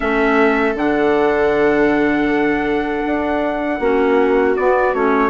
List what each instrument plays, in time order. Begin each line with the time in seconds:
0.00 bassoon A3, clarinet C#4, viola A4, trumpet E5
0.74 bassoon D3, clarinet D4, trumpet F#5
3.06 bassoon D4
3.79 bassoon A#3, clarinet C#4, viola F#4
4.56 bassoon B3, clarinet B3, trumpet D5
4.94 bassoon A3, clarinet C#4, trumpet C#5